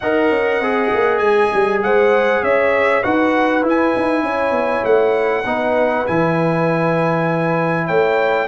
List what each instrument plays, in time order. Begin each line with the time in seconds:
0.00 tuba D#4, trombone A#4, horn D#5, trumpet F#5
0.30 tuba C#4
0.59 tuba C4, trombone G#4
0.93 tuba A#3
1.18 tuba G#3, trumpet G#5
1.53 tuba G3
1.83 tuba G#3, horn C5, trumpet F#5
2.42 tuba C#4, horn C#5, trumpet E5
3.02 tuba D#4, trombone F#4, horn B4, trumpet F#5
3.62 trombone E4, tuba E4
3.68 trumpet G#5
3.96 tuba D#4
4.22 tuba C#4, horn C#5
4.51 tuba B3
4.84 tuba A3, trumpet F#5
5.44 tuba B3, trombone D#4, horn B4
6.06 tuba E3, trombone E4, trumpet G#5
7.86 tuba A3, horn C#5, trumpet G5